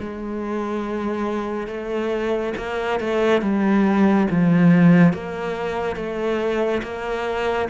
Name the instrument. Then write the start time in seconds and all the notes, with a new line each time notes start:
cello
0.00 G#3
1.68 A3
2.58 A#3
3.01 A3
3.42 G3
4.31 F3
5.14 A#3
5.96 A3
6.83 A#3